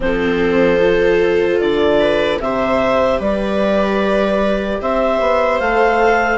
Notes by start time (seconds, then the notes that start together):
0.00 F3 C4 A4 C5
0.80 F4
1.60 D3 D5
1.99 B4
2.39 C3 G4 C5 E5
3.19 G3 B4 D5
4.81 C4 C5 E5
5.20 B3
5.60 A3 A4 F5